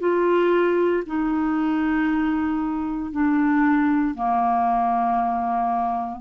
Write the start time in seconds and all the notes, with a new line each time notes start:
0.00 F4
1.06 D#4
3.12 D4
4.15 A#3